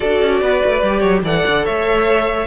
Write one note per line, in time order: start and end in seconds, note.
0.00 0.21 D4
0.00 0.83 F#4
0.00 0.41 A4
0.00 1.22 D5
0.21 0.41 C#4
0.41 0.61 B3
0.41 0.99 B4
0.64 0.82 A3
0.82 1.02 G3
0.82 1.24 G4
0.99 1.22 F#3
0.99 1.20 C#5
1.22 1.43 E3
1.22 2.46 A4
1.22 1.65 D5
1.22 1.65 F#5
1.47 1.67 D3
1.65 2.46 A3
1.65 2.46 C#5
1.65 2.46 E5